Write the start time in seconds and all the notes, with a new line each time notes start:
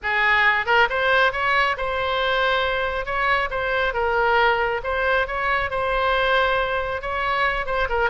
0.02 G#4
0.66 A#4
0.89 C5
1.32 C#5
1.77 C5
3.05 C#5
3.50 C5
3.93 A#4
4.83 C5
5.27 C#5
5.70 C5
7.01 C#5
7.66 C5
7.89 A#4